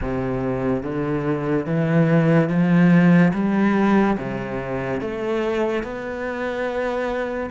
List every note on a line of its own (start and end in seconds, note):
0.01 0.82 C3
0.82 1.66 D3
1.66 2.48 E3
2.48 3.32 F3
3.33 4.17 G3
4.17 5.00 C3
5.00 5.83 A3
5.83 7.49 B3